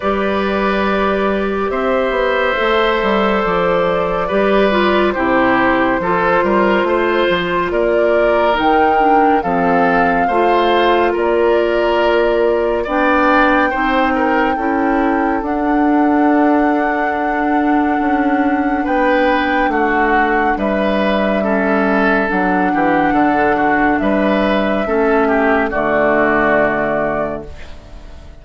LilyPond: <<
  \new Staff \with { instrumentName = "flute" } { \time 4/4 \tempo 4 = 70 d''2 e''2 | d''2 c''2~ | c''4 d''4 g''4 f''4~ | f''4 d''2 g''4~ |
g''2 fis''2~ | fis''2 g''4 fis''4 | e''2 fis''2 | e''2 d''2 | }
  \new Staff \with { instrumentName = "oboe" } { \time 4/4 b'2 c''2~ | c''4 b'4 g'4 a'8 ais'8 | c''4 ais'2 a'4 | c''4 ais'2 d''4 |
c''8 ais'8 a'2.~ | a'2 b'4 fis'4 | b'4 a'4. g'8 a'8 fis'8 | b'4 a'8 g'8 fis'2 | }
  \new Staff \with { instrumentName = "clarinet" } { \time 4/4 g'2. a'4~ | a'4 g'8 f'8 e'4 f'4~ | f'2 dis'8 d'8 c'4 | f'2. d'4 |
dis'4 e'4 d'2~ | d'1~ | d'4 cis'4 d'2~ | d'4 cis'4 a2 | }
  \new Staff \with { instrumentName = "bassoon" } { \time 4/4 g2 c'8 b8 a8 g8 | f4 g4 c4 f8 g8 | a8 f8 ais4 dis4 f4 | a4 ais2 b4 |
c'4 cis'4 d'2~ | d'4 cis'4 b4 a4 | g2 fis8 e8 d4 | g4 a4 d2 | }
>>